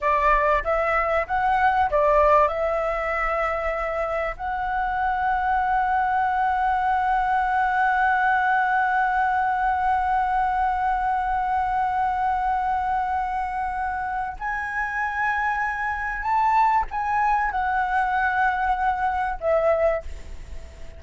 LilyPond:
\new Staff \with { instrumentName = "flute" } { \time 4/4 \tempo 4 = 96 d''4 e''4 fis''4 d''4 | e''2. fis''4~ | fis''1~ | fis''1~ |
fis''1~ | fis''2. gis''4~ | gis''2 a''4 gis''4 | fis''2. e''4 | }